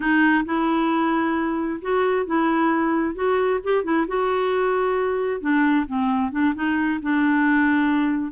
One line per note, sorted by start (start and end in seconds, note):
0.00 0.44 D#4
0.45 1.80 E4
1.81 2.26 F#4
2.26 3.15 E4
3.15 3.60 F#4
3.63 3.83 G4
3.83 4.06 E4
4.07 5.40 F#4
5.40 5.85 D4
5.86 6.31 C4
6.31 6.54 D4
6.54 6.99 D#4
7.02 8.31 D4